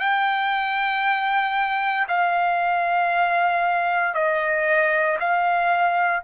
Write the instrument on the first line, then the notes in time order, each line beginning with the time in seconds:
trumpet
0.00 G5
2.09 F5
4.15 D#5
5.20 F5